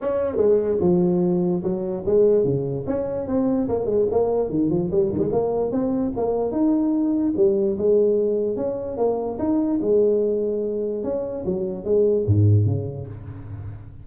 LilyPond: \new Staff \with { instrumentName = "tuba" } { \time 4/4 \tempo 4 = 147 cis'4 gis4 f2 | fis4 gis4 cis4 cis'4 | c'4 ais8 gis8 ais4 dis8 f8 | g8 dis16 gis16 ais4 c'4 ais4 |
dis'2 g4 gis4~ | gis4 cis'4 ais4 dis'4 | gis2. cis'4 | fis4 gis4 gis,4 cis4 | }